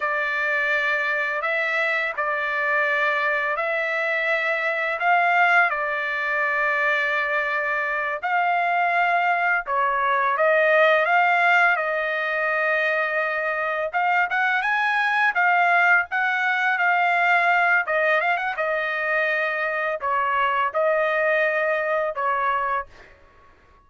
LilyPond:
\new Staff \with { instrumentName = "trumpet" } { \time 4/4 \tempo 4 = 84 d''2 e''4 d''4~ | d''4 e''2 f''4 | d''2.~ d''8 f''8~ | f''4. cis''4 dis''4 f''8~ |
f''8 dis''2. f''8 | fis''8 gis''4 f''4 fis''4 f''8~ | f''4 dis''8 f''16 fis''16 dis''2 | cis''4 dis''2 cis''4 | }